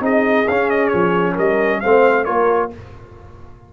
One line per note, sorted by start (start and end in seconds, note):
0.00 0.45 C4
0.00 0.45 D#4
0.00 1.34 G#4
0.00 0.48 D#5
0.48 0.93 C#4
0.48 1.83 C#4
0.48 0.70 F5
0.70 0.88 D#5
0.88 1.38 F3
0.88 1.32 C#5
1.34 1.82 G3
1.34 1.79 A#4
1.34 1.80 D#5
1.80 2.28 A3
1.80 2.25 C4
1.80 2.25 C5
1.80 2.24 F5
2.24 2.73 A#3
2.24 2.70 F4
2.24 2.70 A#4
2.24 2.69 C#5